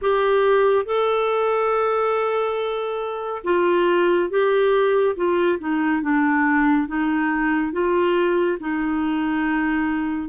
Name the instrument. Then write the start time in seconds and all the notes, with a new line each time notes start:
clarinet
0.01 G4
0.85 A4
3.44 F4
4.29 G4
5.15 F4
5.59 D#4
6.02 D4
6.87 D#4
7.72 F4
8.59 D#4